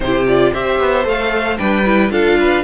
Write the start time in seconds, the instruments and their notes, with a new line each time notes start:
0.00 cello C3, viola E4, violin G4 C5
0.27 viola F4, violin D5
0.52 cello C4, viola G4, violin C5 E5
0.79 cello B3
1.03 cello A3, viola A4, violin F5
1.57 cello G3, viola D4, violin B4 G5
1.85 viola E4
2.10 cello D4, viola F4, violin A4 F5
2.39 violin B4